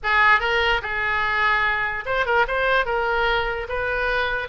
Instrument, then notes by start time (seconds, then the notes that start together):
oboe
0.03 G#4
0.40 A#4
0.82 G#4
2.05 C5
2.25 A#4
2.47 C5
2.85 A#4
3.68 B4